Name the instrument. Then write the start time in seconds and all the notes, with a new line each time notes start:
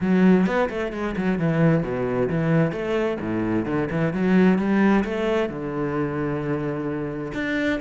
cello
0.00 F#3
0.46 B3
0.69 A3
0.92 G#3
1.16 F#3
1.38 E3
1.83 B2
2.29 E3
2.71 A3
3.20 A2
3.65 D3
3.90 E3
4.13 F#3
4.58 G3
5.04 A3
5.49 D3
7.34 D4